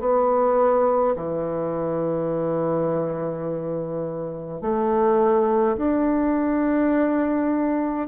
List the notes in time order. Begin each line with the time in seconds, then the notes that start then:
0.00 B3
1.16 E3
4.62 A3
5.77 D4